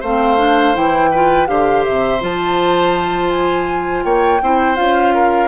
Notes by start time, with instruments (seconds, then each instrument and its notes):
0.00 bassoon A3, clarinet C4, oboe C5, flute F5
0.37 clarinet D4
0.74 bassoon E3, clarinet E4, flute G5
1.11 clarinet F4, oboe B4
1.46 bassoon D3, clarinet G4, oboe C5, flute F5
1.84 bassoon C3, flute E5
2.20 bassoon F3, clarinet F4, flute A5
3.30 flute G#5
4.04 bassoon A#3, oboe C#5, flute G5
4.41 bassoon C4, clarinet E4, oboe C5
4.75 bassoon C#4, clarinet F4, flute F5
5.14 oboe A#4